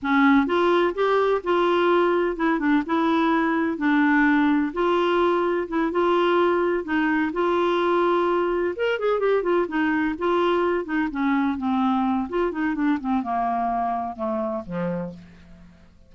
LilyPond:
\new Staff \with { instrumentName = "clarinet" } { \time 4/4 \tempo 4 = 127 cis'4 f'4 g'4 f'4~ | f'4 e'8 d'8 e'2 | d'2 f'2 | e'8 f'2 dis'4 f'8~ |
f'2~ f'8 ais'8 gis'8 g'8 | f'8 dis'4 f'4. dis'8 cis'8~ | cis'8 c'4. f'8 dis'8 d'8 c'8 | ais2 a4 f4 | }